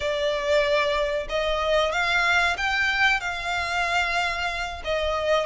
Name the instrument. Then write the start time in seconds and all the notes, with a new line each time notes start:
violin
0.00 D5
1.29 D#5
1.92 F5
2.57 G5
3.20 F5
4.84 D#5